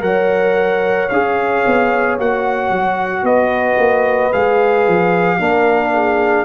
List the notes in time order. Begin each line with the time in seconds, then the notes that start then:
0.00 F#3 A#4 C#5 F#5
1.09 C#4 G#4 F5
1.66 B3
2.19 A#3 F#4 F#5
2.70 F#3
3.23 B3 B4 D#5
3.78 A#3
4.32 G#3 G#4 F5
4.87 F3
5.38 A#3 D4 A#4
5.94 G#4